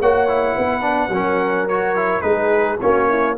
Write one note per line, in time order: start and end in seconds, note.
0.00 0.57 A#3
0.00 0.28 F#4
0.00 0.55 C#5
0.00 1.68 F#5
0.28 0.81 E4
0.55 1.08 B3
0.55 1.11 B4
0.81 1.09 D4
1.08 2.21 F#3
1.08 1.69 C#4
1.08 2.26 A#4
1.68 1.96 F#4
1.68 2.21 C#5
1.96 2.22 E4
2.21 2.79 G#3
2.21 2.78 D#4
2.21 2.82 G#4
2.21 2.77 B4
2.81 3.38 A#3
2.81 3.37 C#4
2.81 3.09 F#4
2.81 3.37 C#5
3.09 3.37 E4